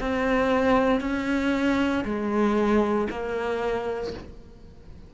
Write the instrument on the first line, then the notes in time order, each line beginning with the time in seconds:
cello
0.00 C4
1.01 C#4
2.05 G#3
3.10 A#3